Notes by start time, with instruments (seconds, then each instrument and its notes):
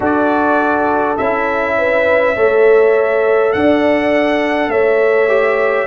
0.00 tuba D4, trombone F#4, horn A4, trumpet D5
1.17 tuba C#4, trombone E4, trumpet E5
1.77 horn B4
2.36 tuba A3, trombone A4, horn C#5
3.52 tuba D4, horn D5, trumpet F#5
4.67 tuba A3, horn C#5, trumpet E5
5.28 trombone G4